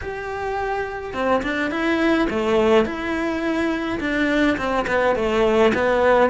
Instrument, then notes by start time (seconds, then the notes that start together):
cello
0.01 G4
1.13 C4
1.42 D4
1.70 E4
2.29 A3
2.85 E4
4.00 D4
4.57 C4
4.87 B3
5.15 A3
5.74 B3